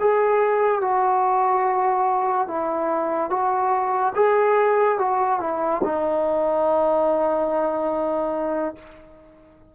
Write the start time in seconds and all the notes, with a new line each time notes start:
0.00 G#4
0.81 F#4
2.48 E4
3.30 F#4
4.15 G#4
4.98 F#4
5.40 E4
5.84 D#4